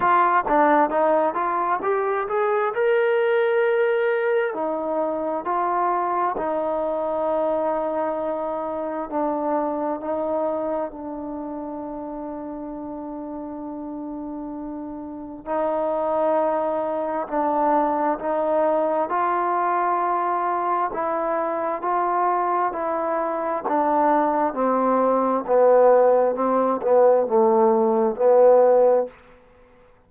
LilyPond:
\new Staff \with { instrumentName = "trombone" } { \time 4/4 \tempo 4 = 66 f'8 d'8 dis'8 f'8 g'8 gis'8 ais'4~ | ais'4 dis'4 f'4 dis'4~ | dis'2 d'4 dis'4 | d'1~ |
d'4 dis'2 d'4 | dis'4 f'2 e'4 | f'4 e'4 d'4 c'4 | b4 c'8 b8 a4 b4 | }